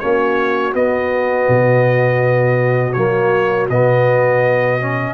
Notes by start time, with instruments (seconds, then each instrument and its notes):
0.00 tuba A#3, trombone C#4, horn F#4, trumpet C#5
0.74 trombone B3, tuba B3, trumpet D#5
1.49 tuba B2
2.93 tuba F#3, trombone A#3, trumpet C#5
3.70 tuba B2, trombone B3, trumpet D#5
4.81 trombone C#4